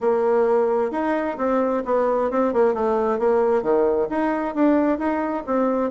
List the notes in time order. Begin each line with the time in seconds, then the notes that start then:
0.01 A#3
0.91 D#4
1.37 C4
1.85 B3
2.30 C4
2.53 A#3
2.74 A3
3.19 A#3
3.62 D#3
4.09 D#4
4.54 D4
4.98 D#4
5.46 C4